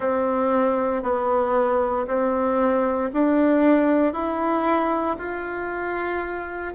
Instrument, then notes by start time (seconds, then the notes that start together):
bassoon
0.00 C4
1.03 B3
2.07 C4
3.13 D4
4.13 E4
5.18 F4